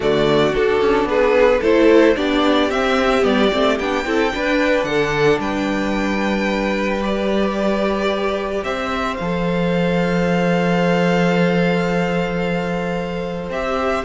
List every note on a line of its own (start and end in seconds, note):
0.00 0.55 D3
0.00 0.52 A3
0.00 1.08 F#4
0.00 0.53 D5
0.52 1.60 D4
0.52 0.81 D4
0.52 1.08 A4
0.81 1.04 C#4
1.04 1.58 B3
1.04 1.60 G#4
1.04 1.62 B4
1.60 2.16 A3
1.60 2.15 E4
1.60 2.14 A4
1.60 2.16 C5
2.15 2.69 B3
2.15 2.69 D4
2.15 4.05 G4
2.15 2.70 D5
2.69 3.24 C4
2.69 3.22 C4
2.69 3.24 E5
3.22 3.51 G3
3.22 3.49 B3
3.22 3.78 D5
3.52 3.79 A3
3.52 3.79 C4
3.78 4.05 B3
3.78 4.05 D4
3.78 4.84 G5
4.05 4.32 C4
4.05 4.31 E4
4.05 4.33 A4
4.31 7.00 D4
4.31 4.84 D4
4.31 4.88 B4
4.84 5.38 D3
4.84 5.40 A4
4.84 5.38 F#5
5.38 8.63 G3
5.38 8.65 B4
5.38 7.03 G5
7.00 9.17 G4
7.00 8.64 D5
8.63 9.17 C4
8.63 14.04 C5
8.63 9.17 E5
9.17 13.49 F3
9.17 13.52 A4
9.17 13.49 F5
13.49 14.03 C4
13.49 14.04 G4
13.49 14.04 E5